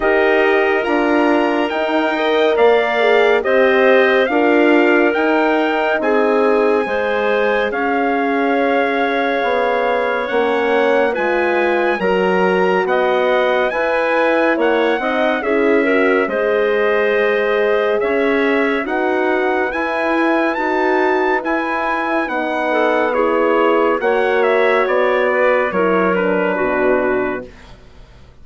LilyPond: <<
  \new Staff \with { instrumentName = "trumpet" } { \time 4/4 \tempo 4 = 70 dis''4 ais''4 g''4 f''4 | dis''4 f''4 g''4 gis''4~ | gis''4 f''2. | fis''4 gis''4 ais''4 fis''4 |
gis''4 fis''4 e''4 dis''4~ | dis''4 e''4 fis''4 gis''4 | a''4 gis''4 fis''4 cis''4 | fis''8 e''8 d''4 cis''8 b'4. | }
  \new Staff \with { instrumentName = "clarinet" } { \time 4/4 ais'2~ ais'8 dis''8 d''4 | c''4 ais'2 gis'4 | c''4 cis''2.~ | cis''4 b'4 ais'4 dis''4 |
b'4 cis''8 dis''8 gis'8 ais'8 c''4~ | c''4 cis''4 b'2~ | b'2~ b'8 a'8 gis'4 | cis''4. b'8 ais'4 fis'4 | }
  \new Staff \with { instrumentName = "horn" } { \time 4/4 g'4 f'4 dis'8 ais'4 gis'8 | g'4 f'4 dis'2 | gis'1 | cis'4 f'4 fis'2 |
e'4. dis'8 e'8 fis'8 gis'4~ | gis'2 fis'4 e'4 | fis'4 e'4 dis'4 e'4 | fis'2 e'8 d'4. | }
  \new Staff \with { instrumentName = "bassoon" } { \time 4/4 dis'4 d'4 dis'4 ais4 | c'4 d'4 dis'4 c'4 | gis4 cis'2 b4 | ais4 gis4 fis4 b4 |
e'4 ais8 c'8 cis'4 gis4~ | gis4 cis'4 dis'4 e'4 | dis'4 e'4 b2 | ais4 b4 fis4 b,4 | }
>>